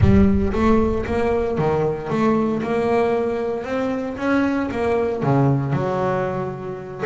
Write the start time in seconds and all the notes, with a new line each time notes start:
0.00 G3
0.53 A3
1.06 A#3
1.57 D#3
2.10 A3
2.62 A#3
3.64 C4
4.17 C#4
4.71 A#3
5.22 C#3
5.72 F#3